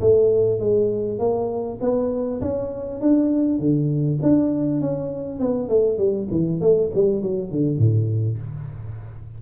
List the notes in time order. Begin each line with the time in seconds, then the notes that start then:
0.00 A3
0.59 G#3
1.18 A#3
1.80 B3
2.41 C#4
3.00 D4
3.59 D3
4.22 D4
4.81 C#4
5.39 B3
5.68 A3
5.98 G3
6.31 E3
6.60 A3
6.94 G3
7.22 F#3
7.51 D3
7.78 A2